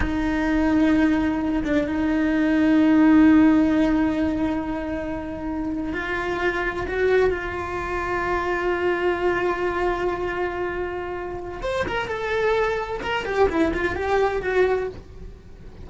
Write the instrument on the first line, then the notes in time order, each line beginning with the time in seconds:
cello
0.00 D#4
1.64 D4
1.87 D#4
5.93 F4
6.87 F#4
7.30 F4
11.62 C5
11.88 A#4
12.07 A4
13.02 A#4
13.25 G4
13.49 E4
13.73 F4
13.95 G4
14.42 F#4